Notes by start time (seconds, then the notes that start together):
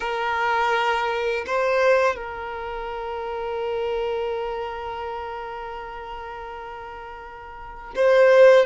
0.00 A#4
1.46 C5
2.15 A#4
7.95 C5